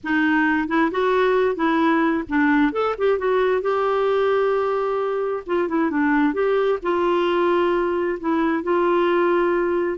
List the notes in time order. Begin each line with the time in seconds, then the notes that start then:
0.03 D#4
0.68 E4
0.91 F#4
1.55 E4
2.29 D4
2.72 A4
2.98 G4
3.18 F#4
3.61 G4
5.46 F4
5.68 E4
5.90 D4
6.33 G4
6.82 F4
8.19 E4
8.63 F4